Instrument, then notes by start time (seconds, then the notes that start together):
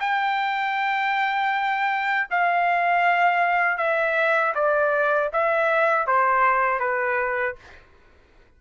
trumpet
0.00 G5
2.31 F5
3.78 E5
4.55 D5
5.33 E5
6.07 C5
6.79 B4